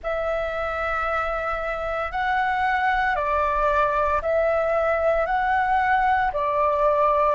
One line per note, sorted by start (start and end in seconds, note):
0.02 2.11 E5
2.11 3.15 F#5
3.15 4.21 D5
4.22 5.25 E5
5.25 6.31 F#5
6.33 7.35 D5